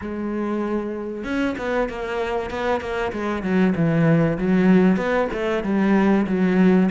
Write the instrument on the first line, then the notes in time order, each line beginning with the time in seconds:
cello
0.01 G#3
1.23 C#4
1.57 B3
1.89 A#3
2.50 B3
2.80 A#3
3.12 G#3
3.42 F#3
3.75 E3
4.38 F#3
4.97 B3
5.33 A3
5.63 G3
6.27 F#3